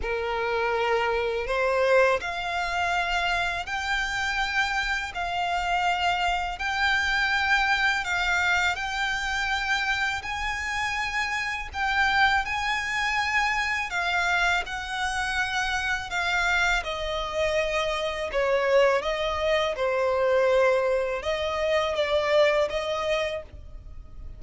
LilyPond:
\new Staff \with { instrumentName = "violin" } { \time 4/4 \tempo 4 = 82 ais'2 c''4 f''4~ | f''4 g''2 f''4~ | f''4 g''2 f''4 | g''2 gis''2 |
g''4 gis''2 f''4 | fis''2 f''4 dis''4~ | dis''4 cis''4 dis''4 c''4~ | c''4 dis''4 d''4 dis''4 | }